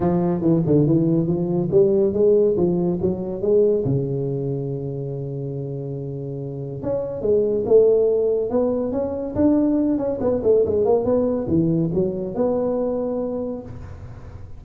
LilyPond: \new Staff \with { instrumentName = "tuba" } { \time 4/4 \tempo 4 = 141 f4 e8 d8 e4 f4 | g4 gis4 f4 fis4 | gis4 cis2.~ | cis1 |
cis'4 gis4 a2 | b4 cis'4 d'4. cis'8 | b8 a8 gis8 ais8 b4 e4 | fis4 b2. | }